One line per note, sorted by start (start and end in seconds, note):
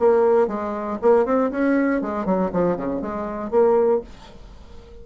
0.00 0.48 A#3
0.48 0.99 G#3
1.02 1.26 A#3
1.26 1.51 C4
1.51 2.02 C#4
2.02 2.26 G#3
2.26 2.51 F#3
2.53 2.77 F3
2.77 3.02 C#3
3.02 3.51 G#3
3.51 4.02 A#3